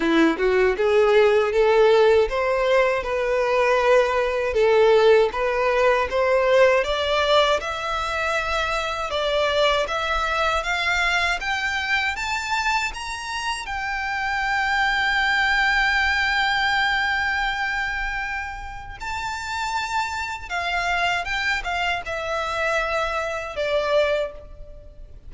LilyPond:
\new Staff \with { instrumentName = "violin" } { \time 4/4 \tempo 4 = 79 e'8 fis'8 gis'4 a'4 c''4 | b'2 a'4 b'4 | c''4 d''4 e''2 | d''4 e''4 f''4 g''4 |
a''4 ais''4 g''2~ | g''1~ | g''4 a''2 f''4 | g''8 f''8 e''2 d''4 | }